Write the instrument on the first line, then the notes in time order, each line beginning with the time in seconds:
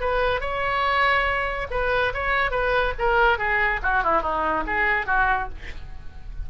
oboe
0.00 B4
0.40 C#5
1.70 B4
2.13 C#5
2.51 B4
2.98 A#4
3.38 G#4
3.82 F#4
4.03 E4
4.21 D#4
4.67 G#4
5.06 F#4